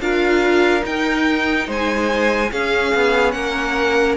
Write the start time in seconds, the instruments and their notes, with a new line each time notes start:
0.00 cello D4, viola F4, violin A#4 F5
0.80 viola D#4, cello D#4, violin G5
1.67 cello G#3, violin C5 G#5
2.51 cello C#4, viola C#4, violin G#4 F5
2.94 cello B3
3.31 cello A#3, violin A#4 F#5